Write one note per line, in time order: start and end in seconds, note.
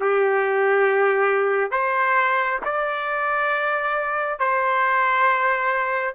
0.00 1.71 G4
1.71 2.59 C5
2.65 4.39 D5
4.39 6.15 C5